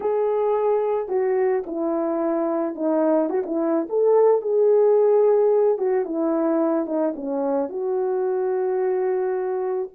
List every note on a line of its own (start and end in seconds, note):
0.00 1.08 G#4
1.08 1.63 F#4
1.66 2.75 E4
2.75 3.29 D#4
3.29 3.43 F#4
3.46 3.87 E4
3.89 4.41 A4
4.41 5.78 G#4
5.78 6.05 F#4
6.05 6.86 E4
6.86 7.13 D#4
7.15 7.69 C#4
7.69 9.89 F#4